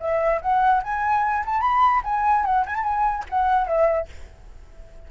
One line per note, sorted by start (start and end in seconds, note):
0.00 0.41 E5
0.42 0.83 F#5
0.83 1.44 G#5
1.46 1.61 A5
1.61 2.01 B5
2.04 2.45 G#5
2.45 2.65 F#5
2.66 2.75 G#5
2.75 2.83 A5
2.83 3.24 G#5
3.29 3.67 F#5
3.67 4.08 E5